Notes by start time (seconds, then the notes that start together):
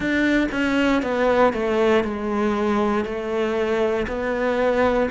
0.00 D4
0.51 C#4
1.02 B3
1.53 A3
2.03 G#3
3.04 A3
4.07 B3